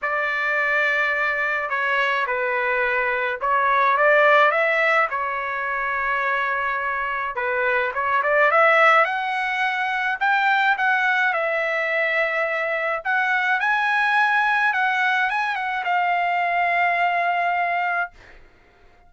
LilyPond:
\new Staff \with { instrumentName = "trumpet" } { \time 4/4 \tempo 4 = 106 d''2. cis''4 | b'2 cis''4 d''4 | e''4 cis''2.~ | cis''4 b'4 cis''8 d''8 e''4 |
fis''2 g''4 fis''4 | e''2. fis''4 | gis''2 fis''4 gis''8 fis''8 | f''1 | }